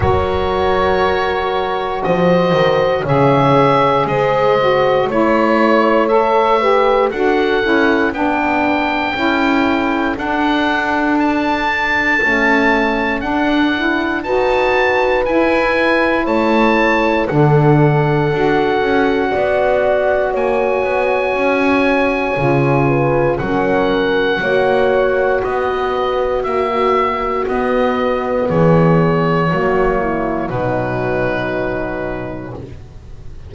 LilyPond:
<<
  \new Staff \with { instrumentName = "oboe" } { \time 4/4 \tempo 4 = 59 cis''2 dis''4 e''4 | dis''4 cis''4 e''4 fis''4 | g''2 fis''4 a''4~ | a''4 fis''4 a''4 gis''4 |
a''4 fis''2. | gis''2. fis''4~ | fis''4 dis''4 e''4 dis''4 | cis''2 b'2 | }
  \new Staff \with { instrumentName = "horn" } { \time 4/4 ais'2 c''4 cis''4 | c''4 cis''4. b'8 a'4 | b'4 a'2.~ | a'2 b'2 |
cis''4 a'2 d''4 | cis''2~ cis''8 b'8 ais'4 | cis''4 b'4 fis'2 | gis'4 fis'8 e'8 dis'2 | }
  \new Staff \with { instrumentName = "saxophone" } { \time 4/4 fis'2. gis'4~ | gis'8 fis'8 e'4 a'8 g'8 fis'8 e'8 | d'4 e'4 d'2 | a4 d'8 e'8 fis'4 e'4~ |
e'4 d'4 fis'2~ | fis'2 f'4 cis'4 | fis'2. b4~ | b4 ais4 fis2 | }
  \new Staff \with { instrumentName = "double bass" } { \time 4/4 fis2 f8 dis8 cis4 | gis4 a2 d'8 cis'8 | b4 cis'4 d'2 | cis'4 d'4 dis'4 e'4 |
a4 d4 d'8 cis'8 b4 | ais8 b8 cis'4 cis4 fis4 | ais4 b4 ais4 b4 | e4 fis4 b,2 | }
>>